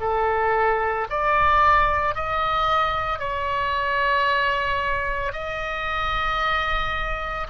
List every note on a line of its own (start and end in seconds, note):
0.00 1.07 A4
1.10 2.15 D5
2.15 3.19 D#5
3.19 5.33 C#5
5.33 7.47 D#5